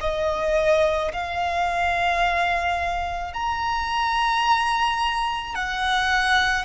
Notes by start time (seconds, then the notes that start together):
0.00 D#5
1.13 F5
3.33 A#5
5.55 F#5